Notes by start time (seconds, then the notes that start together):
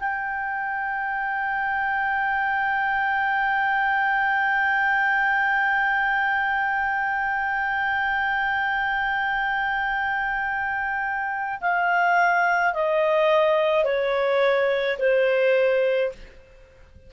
0.00 G5
11.61 F5
12.74 D#5
13.85 C#5
14.99 C5